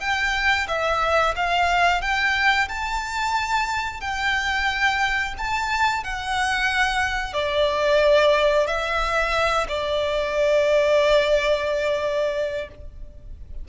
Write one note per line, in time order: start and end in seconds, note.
0.00 0.67 G5
0.68 1.34 E5
1.36 2.01 F5
2.01 2.68 G5
2.68 4.00 A5
4.00 5.34 G5
5.38 6.04 A5
6.04 7.33 F#5
7.33 8.67 D5
8.67 9.67 E5
9.68 12.68 D5